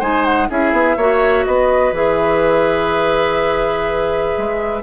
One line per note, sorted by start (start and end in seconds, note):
0.00 0.50 G#3
0.00 0.50 D#4
0.00 0.48 C5
0.00 0.25 G#5
0.25 0.49 F#5
0.50 0.73 C#4
0.50 0.98 E4
0.50 0.97 G#4
0.50 1.46 E5
0.73 0.97 B3
0.97 1.46 A#3
0.97 1.94 F#4
0.97 1.46 C#5
1.46 1.93 B3
1.46 4.83 B4
1.46 1.94 D#5
1.93 4.35 E3
1.93 4.83 G#4
1.93 4.83 E5
4.39 4.83 G#3